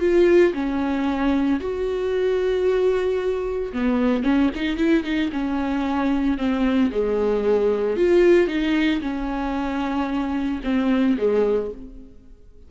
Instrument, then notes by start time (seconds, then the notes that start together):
viola
0.00 F4
0.54 C#4
1.60 F#4
3.73 B3
4.24 C#4
4.56 D#4
4.77 E4
5.04 D#4
5.32 C#4
6.38 C4
6.91 G#3
7.97 F4
8.47 D#4
9.01 C#4
10.64 C4
11.18 G#3